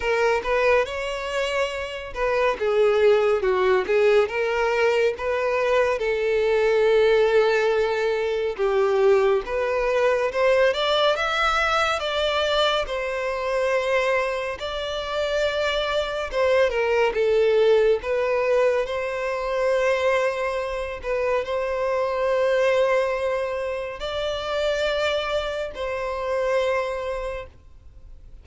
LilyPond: \new Staff \with { instrumentName = "violin" } { \time 4/4 \tempo 4 = 70 ais'8 b'8 cis''4. b'8 gis'4 | fis'8 gis'8 ais'4 b'4 a'4~ | a'2 g'4 b'4 | c''8 d''8 e''4 d''4 c''4~ |
c''4 d''2 c''8 ais'8 | a'4 b'4 c''2~ | c''8 b'8 c''2. | d''2 c''2 | }